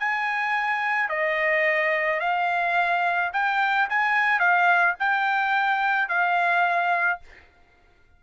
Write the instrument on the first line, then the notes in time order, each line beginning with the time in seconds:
trumpet
0.00 G#5
1.09 D#5
2.20 F5
3.34 G5
3.90 G#5
4.40 F5
5.00 G5
6.09 F5